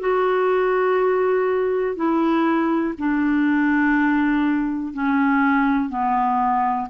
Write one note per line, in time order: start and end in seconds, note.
0.00 1.96 F#4
1.96 2.94 E4
2.99 4.94 D4
4.94 5.90 C#4
5.90 6.88 B3